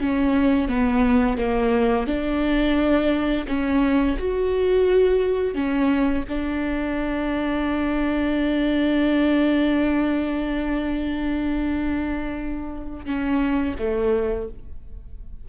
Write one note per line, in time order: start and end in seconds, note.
0.00 0.68 C#4
0.68 1.38 B3
1.38 2.07 A#3
2.07 3.47 D4
3.47 4.17 C#4
4.18 5.54 F#4
5.54 6.24 C#4
6.28 13.06 D4
13.06 13.75 C#4
13.79 14.49 A3